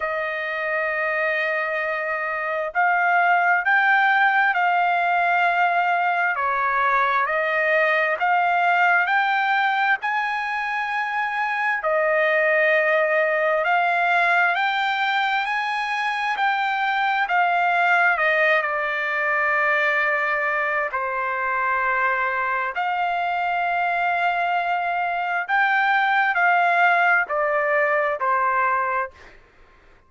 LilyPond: \new Staff \with { instrumentName = "trumpet" } { \time 4/4 \tempo 4 = 66 dis''2. f''4 | g''4 f''2 cis''4 | dis''4 f''4 g''4 gis''4~ | gis''4 dis''2 f''4 |
g''4 gis''4 g''4 f''4 | dis''8 d''2~ d''8 c''4~ | c''4 f''2. | g''4 f''4 d''4 c''4 | }